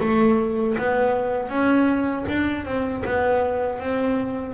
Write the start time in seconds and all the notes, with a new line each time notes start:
0.00 A3
0.77 B3
1.49 C#4
2.28 D4
2.65 C4
3.04 B3
3.79 C4